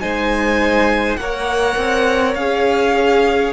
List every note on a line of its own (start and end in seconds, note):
0.00 1.17 G#3
0.00 1.18 D#4
0.00 1.19 C5
0.00 1.16 G#5
1.16 1.76 A#3
1.16 2.38 A#4
1.16 3.53 C#5
1.16 2.34 F#5
1.77 2.35 C4
2.35 3.52 C#4
2.35 3.53 G#4
2.35 3.53 F5